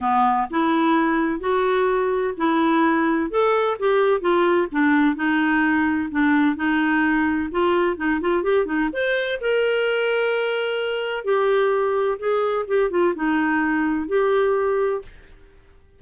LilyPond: \new Staff \with { instrumentName = "clarinet" } { \time 4/4 \tempo 4 = 128 b4 e'2 fis'4~ | fis'4 e'2 a'4 | g'4 f'4 d'4 dis'4~ | dis'4 d'4 dis'2 |
f'4 dis'8 f'8 g'8 dis'8 c''4 | ais'1 | g'2 gis'4 g'8 f'8 | dis'2 g'2 | }